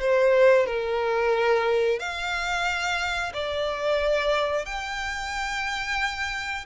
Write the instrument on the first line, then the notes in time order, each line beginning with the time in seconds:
violin
0.00 C5
0.66 A#4
1.99 F5
3.33 D5
4.65 G5